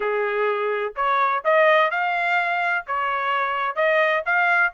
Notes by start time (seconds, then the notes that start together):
0.00 G#4
0.96 C#5
1.44 D#5
1.90 F5
2.86 C#5
3.75 D#5
4.25 F5